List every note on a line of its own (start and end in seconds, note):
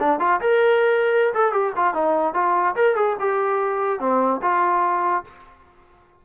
0.00 0.20 D4
0.20 0.41 F4
0.41 1.34 A#4
1.34 1.53 A4
1.53 1.73 G4
1.77 1.94 F4
1.94 2.34 D#4
2.34 2.76 F4
2.76 2.96 A#4
2.96 3.17 G#4
3.20 4.00 G4
4.00 4.41 C4
4.42 5.24 F4